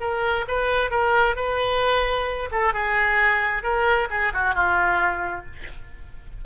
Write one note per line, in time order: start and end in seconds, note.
0.00 0.45 A#4
0.48 0.90 B4
0.90 1.36 A#4
1.36 2.49 B4
2.51 2.73 A4
2.73 3.63 G#4
3.63 4.08 A#4
4.10 4.33 G#4
4.33 4.55 F#4
4.55 5.45 F4